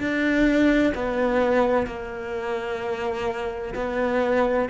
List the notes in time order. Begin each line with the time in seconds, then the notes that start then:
0.00 D4
0.95 B3
1.87 A#3
3.75 B3